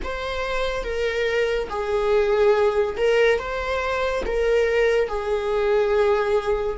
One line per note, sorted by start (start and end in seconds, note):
0.03 0.83 C5
0.83 1.68 A#4
1.69 2.96 G#4
2.97 3.38 A#4
3.38 4.23 C5
4.26 5.08 A#4
5.08 6.77 G#4